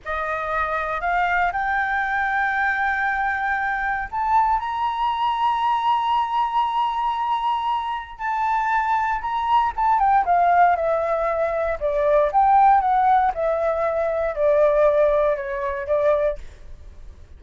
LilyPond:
\new Staff \with { instrumentName = "flute" } { \time 4/4 \tempo 4 = 117 dis''2 f''4 g''4~ | g''1 | a''4 ais''2.~ | ais''1 |
a''2 ais''4 a''8 g''8 | f''4 e''2 d''4 | g''4 fis''4 e''2 | d''2 cis''4 d''4 | }